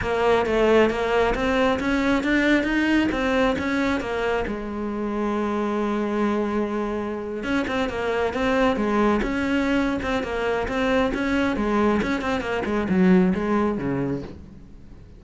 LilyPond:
\new Staff \with { instrumentName = "cello" } { \time 4/4 \tempo 4 = 135 ais4 a4 ais4 c'4 | cis'4 d'4 dis'4 c'4 | cis'4 ais4 gis2~ | gis1~ |
gis8. cis'8 c'8 ais4 c'4 gis16~ | gis8. cis'4.~ cis'16 c'8 ais4 | c'4 cis'4 gis4 cis'8 c'8 | ais8 gis8 fis4 gis4 cis4 | }